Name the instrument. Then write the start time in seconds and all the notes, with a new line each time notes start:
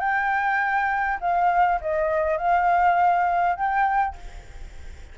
flute
0.00 G5
1.21 F5
1.81 D#5
2.38 F5
3.56 G5